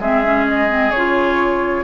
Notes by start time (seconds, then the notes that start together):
0.00 G#3 C4 G#4 E5
0.24 C#4
0.48 D#5
0.69 C4
0.92 C#3 F4 C#5